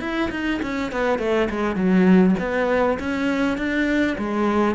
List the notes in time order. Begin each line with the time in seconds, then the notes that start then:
0.00 E4
0.31 D#4
0.62 C#4
0.92 B3
1.19 A3
1.50 G#3
1.76 F#3
2.39 B3
2.99 C#4
3.58 D4
4.18 G#3